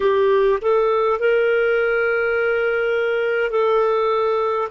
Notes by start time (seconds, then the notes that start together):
0.00 G4
0.61 A4
1.19 A#4
3.50 A4